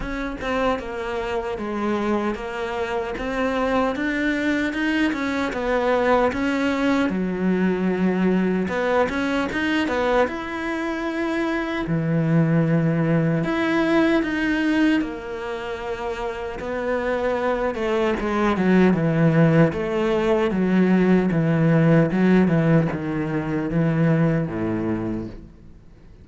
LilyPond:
\new Staff \with { instrumentName = "cello" } { \time 4/4 \tempo 4 = 76 cis'8 c'8 ais4 gis4 ais4 | c'4 d'4 dis'8 cis'8 b4 | cis'4 fis2 b8 cis'8 | dis'8 b8 e'2 e4~ |
e4 e'4 dis'4 ais4~ | ais4 b4. a8 gis8 fis8 | e4 a4 fis4 e4 | fis8 e8 dis4 e4 a,4 | }